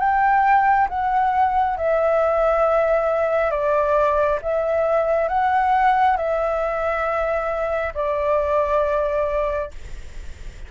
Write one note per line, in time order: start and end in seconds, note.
0.00 0.88 G5
0.89 1.77 F#5
1.77 3.51 E5
3.51 4.40 D5
4.42 5.29 E5
5.29 6.17 F#5
6.17 7.94 E5
7.95 9.71 D5